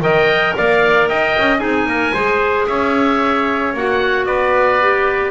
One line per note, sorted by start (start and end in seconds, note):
0.00 0.53 D#3
0.00 1.59 A#4
0.00 0.56 D#5
0.00 0.56 G5
0.56 1.10 A#3
0.56 1.09 D5
0.56 1.09 F5
1.09 1.36 D#4
1.09 1.60 D#5
1.09 1.58 G5
1.38 1.62 C#4
1.58 1.85 C4
1.58 2.12 D#4
1.58 1.87 G#4
1.58 2.64 G#5
1.85 2.12 A#3
1.85 2.14 A#4
2.14 2.67 G#3
2.14 3.74 G#4
2.14 2.67 C5
2.67 3.73 C#4
2.67 4.27 C#5
2.67 3.73 E5
3.73 4.26 A#3
3.73 4.81 F#4
3.73 4.26 F#5
4.26 5.31 B3
4.26 5.31 B4
4.26 5.31 D5
4.81 5.31 G4